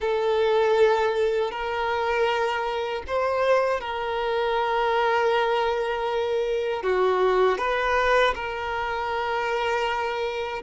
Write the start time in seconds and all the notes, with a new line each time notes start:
0.00 A4
1.51 A#4
3.07 C5
3.80 A#4
6.83 F#4
7.58 B4
8.34 A#4